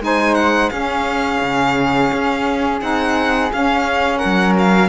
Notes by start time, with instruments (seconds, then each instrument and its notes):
0.00 cello G#3, saxophone D#4, flute C5, violin G#5
0.35 violin F#5
0.69 cello C#4, saxophone C#4, flute G#4, violin F5
1.42 cello C#3
2.12 cello C#4
2.81 cello C4, saxophone D#4, violin F#5
3.52 saxophone C#4, cello C#4, violin F5
4.18 flute A#4, violin F#5
4.24 cello F#3
4.59 violin F5